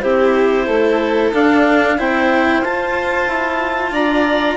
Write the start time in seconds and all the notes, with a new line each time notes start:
0.00 C4 E4 G4 C5
0.67 A3 A4
1.32 D4 F5
1.98 C4 E4 C5 G5
2.60 F4 A5
3.27 E4
3.91 D4 D5 A#5